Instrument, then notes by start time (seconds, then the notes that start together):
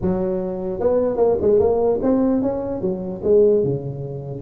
tuba
0.01 F#3
0.80 B3
1.17 A#3
1.41 G#3
1.59 A#3
2.02 C4
2.42 C#4
2.81 F#3
3.23 G#3
3.64 C#3